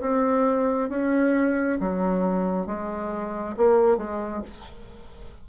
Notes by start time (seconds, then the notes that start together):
0.00 C4
0.89 C#4
1.80 F#3
2.66 G#3
3.57 A#3
3.97 G#3